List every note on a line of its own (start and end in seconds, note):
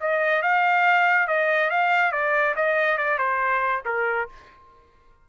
0.00 0.42 D#5
0.42 1.27 F5
1.27 1.70 D#5
1.70 2.11 F5
2.11 2.54 D5
2.56 2.97 D#5
2.97 3.18 D5
3.18 3.82 C5
3.85 4.28 A#4